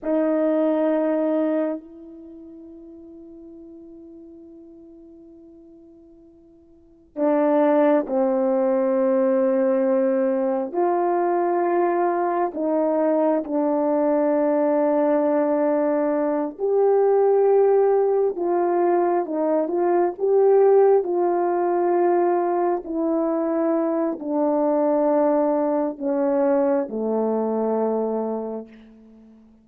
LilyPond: \new Staff \with { instrumentName = "horn" } { \time 4/4 \tempo 4 = 67 dis'2 e'2~ | e'1 | d'4 c'2. | f'2 dis'4 d'4~ |
d'2~ d'8 g'4.~ | g'8 f'4 dis'8 f'8 g'4 f'8~ | f'4. e'4. d'4~ | d'4 cis'4 a2 | }